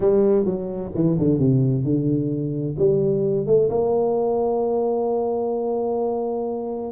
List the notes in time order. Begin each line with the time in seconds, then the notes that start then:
0.00 G3
0.45 F#3
0.94 E3
1.17 D3
1.38 C3
1.83 D3
2.78 G3
3.46 A3
3.69 A#3